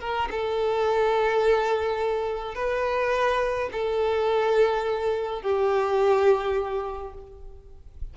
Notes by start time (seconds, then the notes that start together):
0.00 A#4
0.31 A4
2.55 B4
3.72 A4
5.42 G4